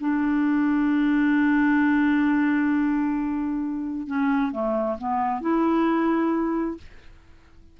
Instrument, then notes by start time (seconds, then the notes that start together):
clarinet
0.00 D4
4.07 C#4
4.51 A3
4.97 B3
5.41 E4